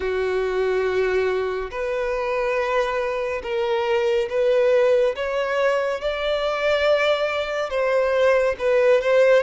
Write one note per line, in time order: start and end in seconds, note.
0.00 1.70 F#4
1.70 3.42 B4
3.42 4.28 A#4
4.29 5.15 B4
5.15 6.00 C#5
6.00 7.69 D5
7.69 8.55 C5
8.58 9.01 B4
9.01 9.42 C5